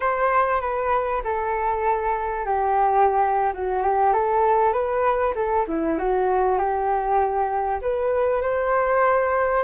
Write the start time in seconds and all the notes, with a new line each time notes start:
0.00 C5
0.61 B4
1.24 A4
2.45 G4
3.53 F#4
3.82 G4
4.13 A4
4.73 B4
5.35 A4
5.67 E4
5.98 F#4
6.58 G4
7.81 B4
8.41 C5